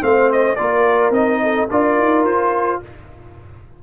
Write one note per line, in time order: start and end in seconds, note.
0.00 0.57 A3
0.00 0.56 C4
0.00 0.57 C5
0.00 0.31 F5
0.32 0.55 D#5
0.55 1.10 A#3
0.55 1.12 F4
0.55 1.41 A#4
0.55 1.11 D5
1.10 1.66 C4
1.10 1.68 D#4
1.10 1.68 D#5
1.42 1.70 A4
1.70 1.98 D4
1.70 2.83 F4
1.70 2.81 A#4
1.70 2.25 D5
1.98 2.23 D#4
2.23 2.79 F4
2.23 2.80 C5